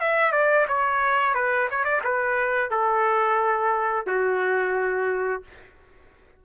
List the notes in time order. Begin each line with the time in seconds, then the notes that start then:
0.00 E5
0.32 D5
0.68 C#5
1.34 B4
1.70 C#5
1.84 D5
2.04 B4
2.71 A4
4.07 F#4